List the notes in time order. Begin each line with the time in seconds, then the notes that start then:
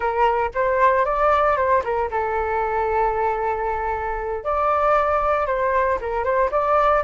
0.00 A#4
0.54 C5
1.05 D5
1.56 C5
1.84 A#4
2.11 A4
4.43 D5
5.46 C5
6.00 A#4
6.23 C5
6.51 D5